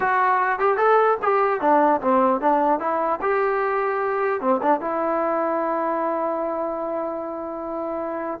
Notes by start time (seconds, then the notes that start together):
0.00 F#4
0.59 G4
0.77 A4
1.22 G4
1.60 D4
2.01 C4
2.41 D4
2.79 E4
3.21 G4
4.40 C4
4.62 D4
4.80 E4